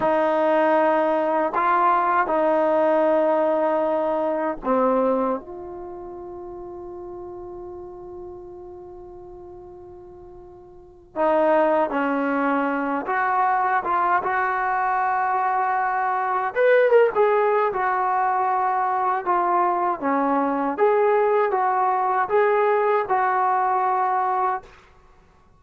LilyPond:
\new Staff \with { instrumentName = "trombone" } { \time 4/4 \tempo 4 = 78 dis'2 f'4 dis'4~ | dis'2 c'4 f'4~ | f'1~ | f'2~ f'8 dis'4 cis'8~ |
cis'4 fis'4 f'8 fis'4.~ | fis'4. b'8 ais'16 gis'8. fis'4~ | fis'4 f'4 cis'4 gis'4 | fis'4 gis'4 fis'2 | }